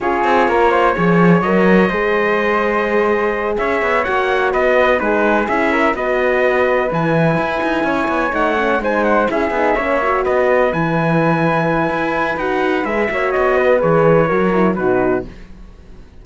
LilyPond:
<<
  \new Staff \with { instrumentName = "trumpet" } { \time 4/4 \tempo 4 = 126 cis''2. dis''4~ | dis''2.~ dis''8 e''8~ | e''8 fis''4 dis''4 b'4 e''8~ | e''8 dis''2 gis''4.~ |
gis''4. fis''4 gis''8 fis''8 e''8~ | e''4. dis''4 gis''4.~ | gis''2 fis''4 e''4 | dis''4 cis''2 b'4 | }
  \new Staff \with { instrumentName = "flute" } { \time 4/4 gis'4 ais'8 c''8 cis''2 | c''2.~ c''8 cis''8~ | cis''4. b'4 gis'4. | ais'8 b'2.~ b'8~ |
b'8 cis''2 c''4 gis'8~ | gis'8 cis''4 b'2~ b'8~ | b'2.~ b'8 cis''8~ | cis''8 b'4. ais'4 fis'4 | }
  \new Staff \with { instrumentName = "horn" } { \time 4/4 f'2 gis'4 ais'4 | gis'1~ | gis'8 fis'2 dis'4 e'8~ | e'8 fis'2 e'4.~ |
e'4. dis'8 cis'8 dis'4 e'8 | dis'8 cis'8 fis'4. e'4.~ | e'2 fis'4 gis'8 fis'8~ | fis'4 gis'4 fis'8 e'8 dis'4 | }
  \new Staff \with { instrumentName = "cello" } { \time 4/4 cis'8 c'8 ais4 f4 fis4 | gis2.~ gis8 cis'8 | b8 ais4 b4 gis4 cis'8~ | cis'8 b2 e4 e'8 |
dis'8 cis'8 b8 a4 gis4 cis'8 | b8 ais4 b4 e4.~ | e4 e'4 dis'4 gis8 ais8 | b4 e4 fis4 b,4 | }
>>